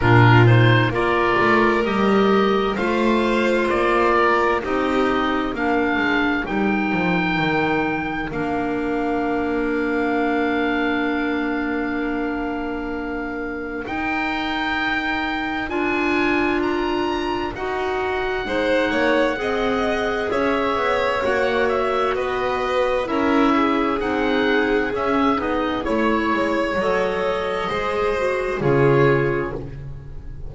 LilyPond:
<<
  \new Staff \with { instrumentName = "oboe" } { \time 4/4 \tempo 4 = 65 ais'8 c''8 d''4 dis''4 f''4 | d''4 dis''4 f''4 g''4~ | g''4 f''2.~ | f''2. g''4~ |
g''4 gis''4 ais''4 fis''4~ | fis''2 e''4 fis''8 e''8 | dis''4 e''4 fis''4 e''8 dis''8 | cis''4 dis''2 cis''4 | }
  \new Staff \with { instrumentName = "violin" } { \time 4/4 f'4 ais'2 c''4~ | c''8 ais'8 g'4 ais'2~ | ais'1~ | ais'1~ |
ais'1 | c''8 cis''8 dis''4 cis''2 | b'4 ais'8 gis'2~ gis'8 | cis''2 c''4 gis'4 | }
  \new Staff \with { instrumentName = "clarinet" } { \time 4/4 d'8 dis'8 f'4 g'4 f'4~ | f'4 dis'4 d'4 dis'4~ | dis'4 d'2.~ | d'2. dis'4~ |
dis'4 f'2 fis'4 | dis'4 gis'2 fis'4~ | fis'4 e'4 dis'4 cis'8 dis'8 | e'4 a'4 gis'8 fis'8 f'4 | }
  \new Staff \with { instrumentName = "double bass" } { \time 4/4 ais,4 ais8 a8 g4 a4 | ais4 c'4 ais8 gis8 g8 f8 | dis4 ais2.~ | ais2. dis'4~ |
dis'4 d'2 dis'4 | gis8 ais8 c'4 cis'8 b8 ais4 | b4 cis'4 c'4 cis'8 b8 | a8 gis8 fis4 gis4 cis4 | }
>>